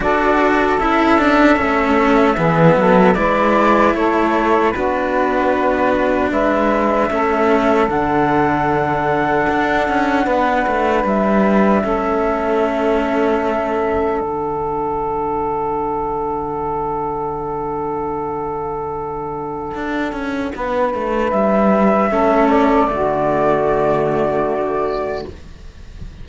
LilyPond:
<<
  \new Staff \with { instrumentName = "flute" } { \time 4/4 \tempo 4 = 76 d''4 e''2. | d''4 cis''4 b'2 | e''2 fis''2~ | fis''2 e''2~ |
e''2 fis''2~ | fis''1~ | fis''2. e''4~ | e''8 d''2.~ d''8 | }
  \new Staff \with { instrumentName = "saxophone" } { \time 4/4 a'2. gis'8 a'8 | b'4 a'4 fis'2 | b'4 a'2.~ | a'4 b'2 a'4~ |
a'1~ | a'1~ | a'2 b'2 | a'4 fis'2. | }
  \new Staff \with { instrumentName = "cello" } { \time 4/4 fis'4 e'8 d'8 cis'4 b4 | e'2 d'2~ | d'4 cis'4 d'2~ | d'2. cis'4~ |
cis'2 d'2~ | d'1~ | d'1 | cis'4 a2. | }
  \new Staff \with { instrumentName = "cello" } { \time 4/4 d'4 cis'4 a4 e8 fis8 | gis4 a4 b2 | gis4 a4 d2 | d'8 cis'8 b8 a8 g4 a4~ |
a2 d2~ | d1~ | d4 d'8 cis'8 b8 a8 g4 | a4 d2. | }
>>